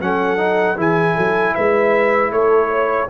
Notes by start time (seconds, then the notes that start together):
0.00 F#3 C#4 A4 F#5
0.37 D#4
0.76 E3 E4 G#4 G#5
1.14 F#3 A4
1.54 G#3 B4 E5
2.31 A3 A4 C#5
2.70 C#5